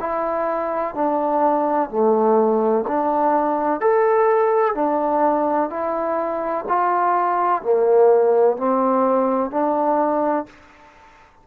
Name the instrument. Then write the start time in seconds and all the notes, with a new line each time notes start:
trombone
0.00 E4
0.95 D4
1.90 A3
2.87 D4
3.81 A4
4.75 D4
5.70 E4
6.68 F4
7.62 A#3
8.57 C4
9.51 D4